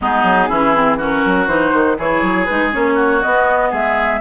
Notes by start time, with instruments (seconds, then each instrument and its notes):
0.01 bassoon G#3, clarinet B3, oboe D#4, flute G#4
0.23 bassoon F#3
0.48 bassoon E3, clarinet C#4, oboe E4
0.74 clarinet C4
0.97 clarinet C#4, oboe F#4, flute A#4
1.25 bassoon F#3
1.47 bassoon E3, clarinet D#4, flute C5
1.73 bassoon D#3
1.98 bassoon E3, clarinet E4, oboe G#4, flute C#5
2.22 bassoon F#3
2.45 bassoon G#3, clarinet D#4, flute B4
2.72 bassoon A#3, clarinet C#4, flute C#5
2.94 oboe F#4
3.22 clarinet B3, bassoon B3, flute D#5
3.70 bassoon G#3, oboe G#4, flute E5